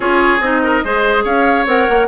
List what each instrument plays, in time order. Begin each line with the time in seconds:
0.00 bassoon C#4, clarinet F4, oboe G#4, flute C#5
0.40 bassoon C4, clarinet D#4, flute D#5
0.63 oboe A#4
0.84 bassoon G#3, clarinet G#4, oboe C5
1.24 bassoon C#4, oboe C#5, flute F5
1.66 bassoon C4, clarinet A#4, flute F#5
1.89 bassoon A#3